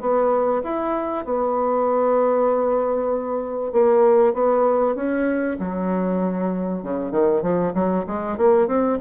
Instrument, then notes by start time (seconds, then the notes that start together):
bassoon
0.00 B3
0.63 E4
1.25 B3
3.72 A#3
4.33 B3
4.95 C#4
5.59 F#3
6.82 C#3
7.11 D#3
7.42 F3
7.74 F#3
8.06 G#3
8.37 A#3
8.67 C4